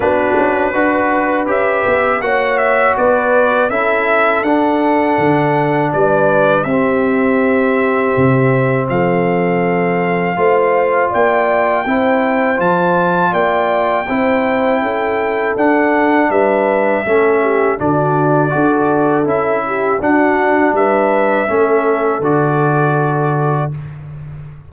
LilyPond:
<<
  \new Staff \with { instrumentName = "trumpet" } { \time 4/4 \tempo 4 = 81 b'2 e''4 fis''8 e''8 | d''4 e''4 fis''2 | d''4 e''2. | f''2. g''4~ |
g''4 a''4 g''2~ | g''4 fis''4 e''2 | d''2 e''4 fis''4 | e''2 d''2 | }
  \new Staff \with { instrumentName = "horn" } { \time 4/4 fis'4 b'2 cis''4 | b'4 a'2. | b'4 g'2. | a'2 c''4 d''4 |
c''2 d''4 c''4 | a'2 b'4 a'8 g'8 | fis'4 a'4. g'8 fis'4 | b'4 a'2. | }
  \new Staff \with { instrumentName = "trombone" } { \time 4/4 d'4 fis'4 g'4 fis'4~ | fis'4 e'4 d'2~ | d'4 c'2.~ | c'2 f'2 |
e'4 f'2 e'4~ | e'4 d'2 cis'4 | d'4 fis'4 e'4 d'4~ | d'4 cis'4 fis'2 | }
  \new Staff \with { instrumentName = "tuba" } { \time 4/4 b8 cis'8 d'4 cis'8 b8 ais4 | b4 cis'4 d'4 d4 | g4 c'2 c4 | f2 a4 ais4 |
c'4 f4 ais4 c'4 | cis'4 d'4 g4 a4 | d4 d'4 cis'4 d'4 | g4 a4 d2 | }
>>